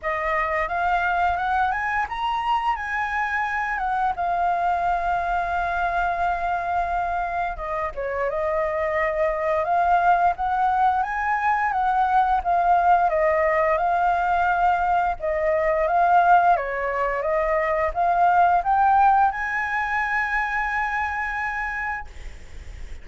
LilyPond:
\new Staff \with { instrumentName = "flute" } { \time 4/4 \tempo 4 = 87 dis''4 f''4 fis''8 gis''8 ais''4 | gis''4. fis''8 f''2~ | f''2. dis''8 cis''8 | dis''2 f''4 fis''4 |
gis''4 fis''4 f''4 dis''4 | f''2 dis''4 f''4 | cis''4 dis''4 f''4 g''4 | gis''1 | }